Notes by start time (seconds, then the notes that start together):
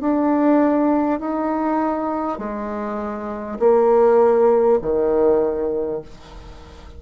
0.00 D4
1.19 D#4
2.38 G#3
3.59 A#3
4.81 D#3